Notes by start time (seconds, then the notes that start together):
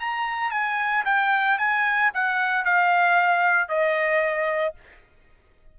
0.00 A#5
0.51 G#5
1.05 G5
1.58 G#5
2.14 F#5
2.65 F5
3.69 D#5